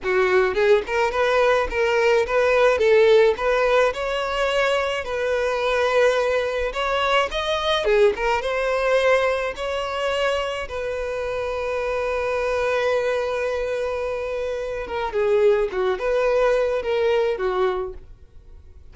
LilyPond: \new Staff \with { instrumentName = "violin" } { \time 4/4 \tempo 4 = 107 fis'4 gis'8 ais'8 b'4 ais'4 | b'4 a'4 b'4 cis''4~ | cis''4 b'2. | cis''4 dis''4 gis'8 ais'8 c''4~ |
c''4 cis''2 b'4~ | b'1~ | b'2~ b'8 ais'8 gis'4 | fis'8 b'4. ais'4 fis'4 | }